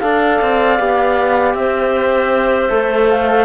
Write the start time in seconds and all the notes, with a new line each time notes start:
0.00 D4 A4 D5 F5
0.41 C4
0.78 B3 G4
1.54 C4 C5 E5
2.69 A3 A4
3.10 F5